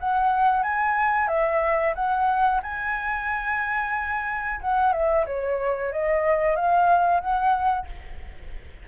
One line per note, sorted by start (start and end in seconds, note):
0.00 0.63 F#5
0.63 1.28 G#5
1.28 1.94 E5
1.95 2.61 F#5
2.63 4.61 G#5
4.61 4.93 F#5
4.93 5.26 E5
5.26 5.92 C#5
5.92 6.56 D#5
6.56 7.20 F5
7.20 7.86 F#5